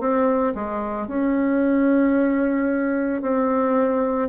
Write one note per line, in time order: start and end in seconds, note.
0.00 0.54 C4
0.55 1.08 G#3
1.08 3.21 C#4
3.21 4.29 C4